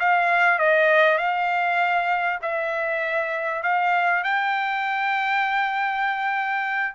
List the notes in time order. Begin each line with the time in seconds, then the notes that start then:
0.00 F5
0.59 D#5
1.18 F5
2.42 E5
3.63 F5
4.24 G5